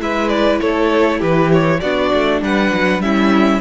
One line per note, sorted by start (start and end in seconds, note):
0.00 0.60 G#3
0.00 1.80 E4
0.00 0.61 B4
0.00 0.29 E5
0.29 0.59 D5
0.61 1.22 A3
0.61 1.19 A4
0.61 1.21 C#5
1.19 1.82 E3
1.19 1.79 G4
1.19 1.52 B4
1.53 1.80 C#5
1.80 2.13 B3
1.80 3.03 D4
1.80 2.42 F#4
1.80 2.41 D5
2.14 2.42 A3
2.42 2.72 G3
2.42 3.04 B4
2.42 3.02 F#5
2.73 2.99 F#3
2.99 3.59 G3
2.99 3.61 C#4
2.99 3.61 E4
2.99 3.61 E5